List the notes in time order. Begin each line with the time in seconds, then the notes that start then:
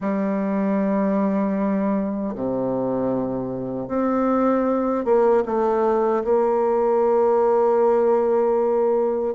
0.00 G3
2.35 C3
3.87 C4
5.04 A#3
5.45 A3
6.23 A#3